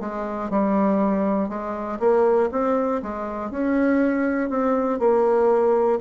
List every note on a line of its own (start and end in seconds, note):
0.00 0.50 G#3
0.50 1.49 G3
1.49 1.99 G#3
2.00 2.50 A#3
2.51 3.01 C4
3.02 3.50 G#3
3.50 4.50 C#4
4.50 4.99 C4
4.99 5.99 A#3